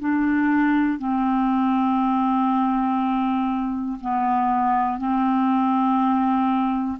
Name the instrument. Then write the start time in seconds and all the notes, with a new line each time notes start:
clarinet
0.00 D4
0.98 C4
4.01 B3
4.98 C4